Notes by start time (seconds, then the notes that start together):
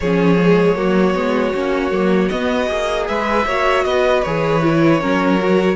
0.00 F3 C#4 G#4 C#5
0.37 G#3
0.75 F#3 A#3 F#4
1.14 G#3 B3
1.54 A#3 C#4
1.91 F#3 A#3
2.28 B3 D#5
2.67 A#3 G#4
3.08 G#3 B4 E5
3.45 A#3 F#4 C#5
3.84 B3 B4 D#5
4.22 E3 G#4 C#5
4.62 E4
4.99 F#3 C#4 A#4
5.40 F#4